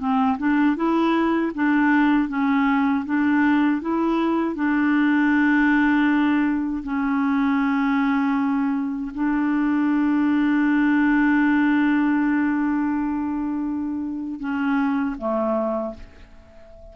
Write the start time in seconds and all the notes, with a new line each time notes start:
0.00 C4
0.39 D4
0.77 E4
1.55 D4
2.29 C#4
3.06 D4
3.82 E4
4.56 D4
6.84 C#4
9.15 D4
14.40 C#4
15.19 A3